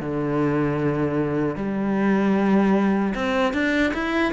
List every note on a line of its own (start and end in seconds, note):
0.00 1.56 D3
1.56 3.14 G3
3.14 3.53 C4
3.53 3.93 D4
3.93 4.33 E4